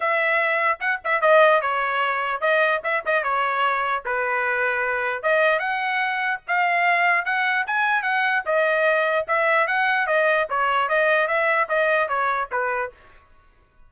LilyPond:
\new Staff \with { instrumentName = "trumpet" } { \time 4/4 \tempo 4 = 149 e''2 fis''8 e''8 dis''4 | cis''2 dis''4 e''8 dis''8 | cis''2 b'2~ | b'4 dis''4 fis''2 |
f''2 fis''4 gis''4 | fis''4 dis''2 e''4 | fis''4 dis''4 cis''4 dis''4 | e''4 dis''4 cis''4 b'4 | }